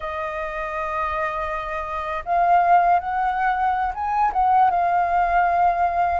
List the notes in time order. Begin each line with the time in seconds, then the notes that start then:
0.00 D#5
2.25 F5
2.99 F#5
3.94 G#5
4.32 F#5
4.70 F5